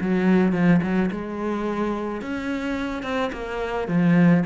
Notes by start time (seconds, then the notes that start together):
0.00 F#3
0.52 F3
0.82 F#3
1.11 G#3
2.21 C#4
3.03 C4
3.32 A#3
3.88 F3